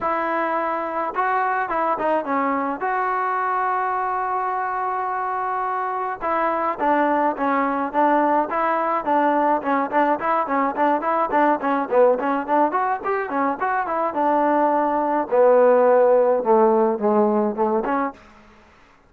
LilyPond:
\new Staff \with { instrumentName = "trombone" } { \time 4/4 \tempo 4 = 106 e'2 fis'4 e'8 dis'8 | cis'4 fis'2.~ | fis'2. e'4 | d'4 cis'4 d'4 e'4 |
d'4 cis'8 d'8 e'8 cis'8 d'8 e'8 | d'8 cis'8 b8 cis'8 d'8 fis'8 g'8 cis'8 | fis'8 e'8 d'2 b4~ | b4 a4 gis4 a8 cis'8 | }